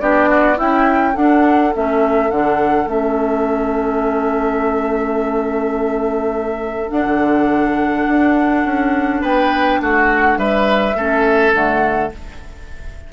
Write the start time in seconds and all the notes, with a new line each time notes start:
0.00 B3 D4 G4 D5
0.29 F#4
0.56 C#4 E4 G5
1.14 D4 A4 F#5
1.73 A3 C#4 E5
2.31 D3 D4 F#5
2.86 A3 C#4 E5
6.89 D4 F#5
7.05 D3
8.08 D4
8.65 C#4
9.21 B3 B4 G5
9.81 A3 F#4 F#5
10.37 G3 B4 E5
10.95 A3 C#4 A4
11.53 D3 A3 F#5